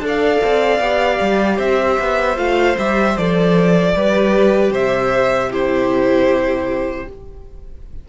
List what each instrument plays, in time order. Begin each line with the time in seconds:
0.00 cello D4, viola A4, violin D5
0.08 violin F5
0.44 cello C4
0.80 cello B3, viola G4
1.21 cello G3
1.57 cello C4, violin C5 E5
1.99 cello B3
2.37 cello A3, viola F4, violin F5
2.78 cello G3, viola G4, violin E5
3.17 cello F3, viola A4, violin D5
3.94 cello G3, viola G4, violin B4
4.70 cello C3, violin C5 E5
5.50 viola E4, violin G4 C5